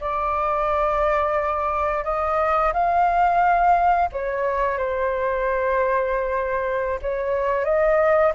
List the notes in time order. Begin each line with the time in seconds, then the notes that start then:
0.00 D5
2.04 D#5
2.73 F5
4.12 C#5
4.78 C5
7.02 C#5
7.65 D#5